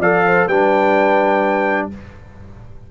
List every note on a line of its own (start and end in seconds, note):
0.00 0.47 F3
0.00 0.50 A4
0.00 0.24 D5
0.00 0.48 F5
0.26 0.47 C5
0.47 1.88 G3
0.47 1.91 D4
0.47 1.88 B4
0.47 1.89 G5